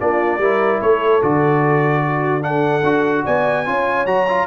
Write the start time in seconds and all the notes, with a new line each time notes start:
0.00 A#3 D4 F4 D5
0.38 G3 E4 A#4
0.81 A3 A4 C#5
1.22 D3 F#4 D5
2.04 F#4
2.42 D4 A4 F#5
2.84 D4 F#4
3.25 B3 D5 G#5
3.66 C#4 F4 C#5
4.06 F#3 F#4 A#5
4.29 F4